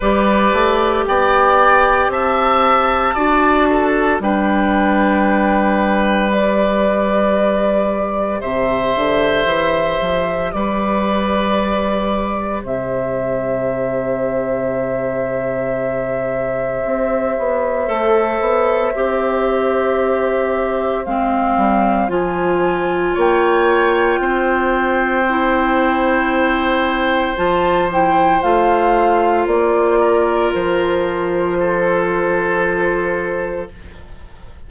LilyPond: <<
  \new Staff \with { instrumentName = "flute" } { \time 4/4 \tempo 4 = 57 d''4 g''4 a''2 | g''2 d''2 | e''2 d''2 | e''1~ |
e''1 | f''4 gis''4 g''2~ | g''2 a''8 g''8 f''4 | d''4 c''2. | }
  \new Staff \with { instrumentName = "oboe" } { \time 4/4 b'4 d''4 e''4 d''8 a'8 | b'1 | c''2 b'2 | c''1~ |
c''1~ | c''2 cis''4 c''4~ | c''1~ | c''8 ais'4. a'2 | }
  \new Staff \with { instrumentName = "clarinet" } { \time 4/4 g'2. fis'4 | d'2 g'2~ | g'1~ | g'1~ |
g'4 a'4 g'2 | c'4 f'2. | e'2 f'8 e'8 f'4~ | f'1 | }
  \new Staff \with { instrumentName = "bassoon" } { \time 4/4 g8 a8 b4 c'4 d'4 | g1 | c8 d8 e8 f8 g2 | c1 |
c'8 b8 a8 b8 c'2 | gis8 g8 f4 ais4 c'4~ | c'2 f4 a4 | ais4 f2. | }
>>